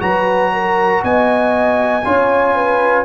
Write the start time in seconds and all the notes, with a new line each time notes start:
0.00 F#3 F#4 B4 A#5
0.53 A#4
1.04 B3 D#5 G#5
2.06 C#4 F4 C#5
2.55 B4